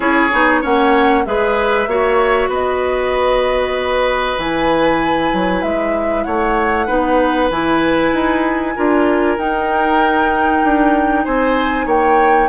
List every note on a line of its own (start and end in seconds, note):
0.00 0.31 C#4
0.00 0.29 E4
0.00 0.61 G#4
0.00 0.63 C#5
0.32 0.63 B3
0.32 0.62 D#4
0.61 1.26 A#3
0.61 1.24 C#4
0.61 1.23 C#5
0.61 1.25 F#5
1.25 1.87 G#3
1.25 1.87 G#4
1.25 1.89 B4
1.25 2.50 E5
1.87 2.48 A#3
1.87 4.38 F#4
1.87 2.49 C#5
2.48 4.35 B3
2.48 6.24 B4
2.48 4.39 D#5
4.37 5.31 E3
4.37 6.87 E4
4.37 5.61 G#5
5.33 5.63 F#3
5.61 6.25 G#3
5.61 6.23 E5
6.23 6.88 A3
6.23 6.86 C#5
6.23 7.48 F#5
6.86 7.50 B3
6.86 7.50 D#4
6.86 8.74 B4
7.50 8.12 E3
7.50 8.75 E4
7.50 9.38 G#5
8.13 8.75 D#4
8.75 9.37 D4
8.75 9.38 F4
8.75 11.24 A#4
9.37 10.62 D#4
9.37 12.49 D#4
9.37 11.24 G5
10.63 11.26 D4
11.24 11.86 C4
11.24 11.86 C5
11.24 11.87 G#5
11.86 12.48 A#3
11.86 12.48 C#5
11.86 12.49 G5